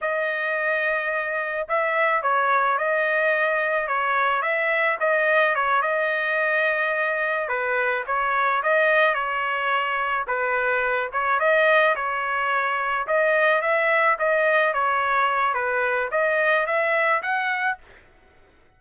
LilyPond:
\new Staff \with { instrumentName = "trumpet" } { \time 4/4 \tempo 4 = 108 dis''2. e''4 | cis''4 dis''2 cis''4 | e''4 dis''4 cis''8 dis''4.~ | dis''4. b'4 cis''4 dis''8~ |
dis''8 cis''2 b'4. | cis''8 dis''4 cis''2 dis''8~ | dis''8 e''4 dis''4 cis''4. | b'4 dis''4 e''4 fis''4 | }